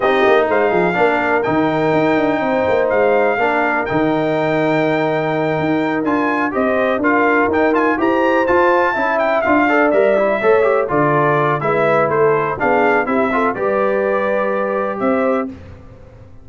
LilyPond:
<<
  \new Staff \with { instrumentName = "trumpet" } { \time 4/4 \tempo 4 = 124 dis''4 f''2 g''4~ | g''2 f''2 | g''1~ | g''8 gis''4 dis''4 f''4 g''8 |
gis''8 ais''4 a''4. g''8 f''8~ | f''8 e''2 d''4. | e''4 c''4 f''4 e''4 | d''2. e''4 | }
  \new Staff \with { instrumentName = "horn" } { \time 4/4 g'4 c''8 gis'8 ais'2~ | ais'4 c''2 ais'4~ | ais'1~ | ais'4. c''4 ais'4.~ |
ais'8 c''2 e''4. | d''4. cis''4 a'4. | b'4 a'4 gis'4 g'8 a'8 | b'2. c''4 | }
  \new Staff \with { instrumentName = "trombone" } { \time 4/4 dis'2 d'4 dis'4~ | dis'2. d'4 | dis'1~ | dis'8 f'4 g'4 f'4 dis'8 |
f'8 g'4 f'4 e'4 f'8 | a'8 ais'8 e'8 a'8 g'8 f'4. | e'2 d'4 e'8 f'8 | g'1 | }
  \new Staff \with { instrumentName = "tuba" } { \time 4/4 c'8 ais8 gis8 f8 ais4 dis4 | dis'8 d'8 c'8 ais8 gis4 ais4 | dis2.~ dis8 dis'8~ | dis'8 d'4 c'4 d'4 dis'8~ |
dis'8 e'4 f'4 cis'4 d'8~ | d'8 g4 a4 d4. | gis4 a4 b4 c'4 | g2. c'4 | }
>>